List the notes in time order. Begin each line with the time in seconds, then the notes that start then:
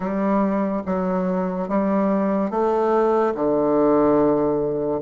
0.00 G3
0.86 F#3
1.68 G3
2.50 A3
3.34 D3